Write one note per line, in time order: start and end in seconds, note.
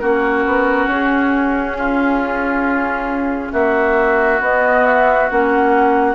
0.00 0.46 A#3
0.00 4.42 C#4
0.00 1.77 F#4
0.00 0.88 A#4
0.46 0.87 B3
0.87 3.51 C#4
0.87 3.53 G#4
1.78 3.53 F4
3.53 4.41 A#3
3.53 6.15 F#4
3.53 4.41 E5
4.41 5.29 B3
4.41 5.30 B3
4.41 4.86 D#5
4.86 5.30 E5
5.31 6.15 A#3
5.31 6.15 C#4
5.31 6.15 F#5